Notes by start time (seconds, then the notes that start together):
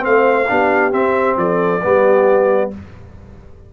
0.00 A3 C4 C5 F5
0.49 B3 D4 G4
0.92 C4 E5
1.37 F3 A4 D5
1.82 G3 B3 G4